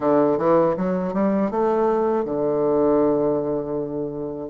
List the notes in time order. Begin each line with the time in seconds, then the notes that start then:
0.00 D3
0.38 E3
0.76 F#3
1.13 G3
1.50 A3
2.24 D3